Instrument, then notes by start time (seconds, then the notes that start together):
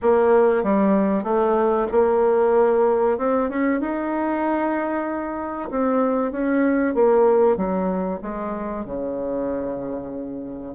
bassoon
0.02 A#3
0.63 G3
1.23 A3
1.91 A#3
3.18 C4
3.49 C#4
3.80 D#4
5.70 C4
6.31 C#4
6.94 A#3
7.56 F#3
8.21 G#3
8.85 C#3